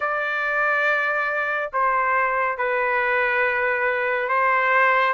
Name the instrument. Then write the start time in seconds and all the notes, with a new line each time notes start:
trumpet
0.00 D5
1.72 C5
2.57 B4
4.29 C5